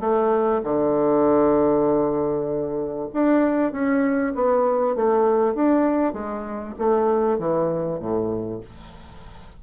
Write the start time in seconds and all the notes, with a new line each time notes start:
0.00 A3
0.63 D3
3.13 D4
3.72 C#4
4.35 B3
4.96 A3
5.55 D4
6.13 G#3
6.78 A3
7.38 E3
8.00 A2